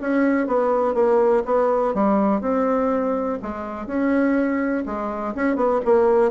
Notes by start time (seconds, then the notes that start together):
0.00 C#4
0.47 B3
0.94 A#3
1.45 B3
1.94 G3
2.41 C4
3.42 G#3
3.86 C#4
4.85 G#3
5.34 C#4
5.55 B3
5.85 A#3